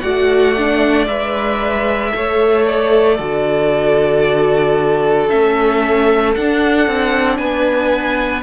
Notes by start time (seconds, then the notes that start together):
0.00 A3 F#4 D5 F#5
0.57 D4
1.07 G#3 B4 E5
2.10 A3 A4 C#5
2.66 D5
3.16 D3 F#4 A4
5.29 A3 C#4 E5
6.35 D4 F#5
6.87 C4
7.37 B3 B4 G#5